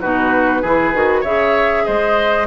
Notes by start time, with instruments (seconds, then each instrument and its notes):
0.00 bassoon B2, clarinet D#4, oboe F#4, flute B4
0.61 bassoon E3, clarinet E4, oboe G#4
0.93 bassoon D#3, clarinet F#4
1.20 bassoon C#3, clarinet G#4, oboe C#5, flute E5
1.84 bassoon G#3, oboe C5, flute D#5